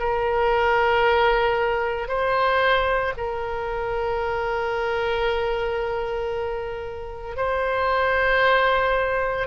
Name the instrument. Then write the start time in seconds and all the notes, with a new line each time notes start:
oboe
0.00 A#4
2.09 C5
3.18 A#4
7.37 C5